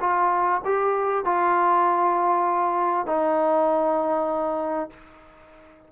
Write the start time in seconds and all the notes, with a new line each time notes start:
0.00 F4
0.64 G4
1.24 F4
3.06 D#4